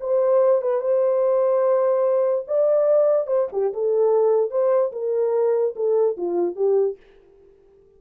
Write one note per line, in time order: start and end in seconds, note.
0.00 0.62 C5
0.62 0.81 B4
0.81 2.45 C5
2.47 3.27 D5
3.27 3.48 C5
3.52 3.73 G4
3.73 4.51 A4
4.51 4.92 C5
4.92 5.75 A#4
5.76 6.17 A4
6.17 6.56 F4
6.56 6.97 G4